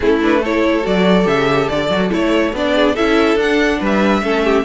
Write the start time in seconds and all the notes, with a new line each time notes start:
0.00 A3 C#4 E4 A4
0.21 D4 B4
0.40 E4 A4 C#5
0.82 F#3 F#4 D5
1.23 C#3 G4 E5
1.68 D3 D5
1.89 F#3 F#4
2.09 A3 E4 C#5
2.53 B3 D4 D5
2.74 G#4
2.94 C#4 E4 A4 E5
3.35 D4 F#5
3.79 G3 B4 E5
4.21 A3 C#4 A4
4.44 G4